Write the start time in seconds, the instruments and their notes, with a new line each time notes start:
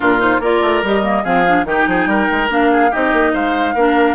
0.00 bassoon A#2, clarinet D4, oboe F4, flute A#4
0.18 clarinet D#4, flute C5
0.39 bassoon A#3, clarinet F4, oboe A#4, flute D5
0.61 bassoon A3
0.83 bassoon G3, clarinet G4, flute D#5
1.02 clarinet A#3
1.23 bassoon F3, clarinet C4, oboe G#4, flute F5
1.47 clarinet D4
1.64 bassoon D#3, clarinet D#4, oboe G4, flute G5
1.87 bassoon F3, oboe G#4
2.06 bassoon G3, oboe A#4
2.31 bassoon G#3
2.49 bassoon A#3, clarinet D4, flute F5
2.71 oboe G#4
2.90 bassoon C4, clarinet D#4, oboe G4, flute D#5
3.12 bassoon A#3
3.33 bassoon G#3, oboe C5, flute F5
3.74 bassoon A#3, clarinet D4, oboe A#4